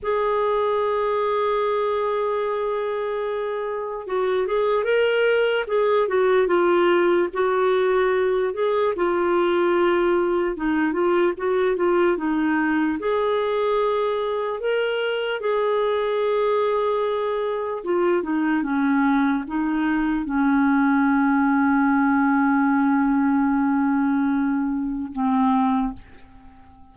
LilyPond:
\new Staff \with { instrumentName = "clarinet" } { \time 4/4 \tempo 4 = 74 gis'1~ | gis'4 fis'8 gis'8 ais'4 gis'8 fis'8 | f'4 fis'4. gis'8 f'4~ | f'4 dis'8 f'8 fis'8 f'8 dis'4 |
gis'2 ais'4 gis'4~ | gis'2 f'8 dis'8 cis'4 | dis'4 cis'2.~ | cis'2. c'4 | }